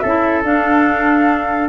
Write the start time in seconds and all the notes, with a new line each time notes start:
0.00 C#4 E4 A4 E5
0.44 D4 F5